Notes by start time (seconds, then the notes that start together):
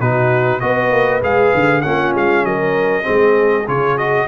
0.00 B2 D#4 F#4 B4
0.60 B3 F#4 B4 D#5
0.91 A#3
1.22 G#3 G#4 F5
1.54 D3
1.82 A#3 C#4 F4 F#5
2.15 G#3 F5
2.44 F#3 A#4 D#5
3.02 G#3 C4 G#4
3.67 C#3 F4 C#5
3.97 F#4 D#5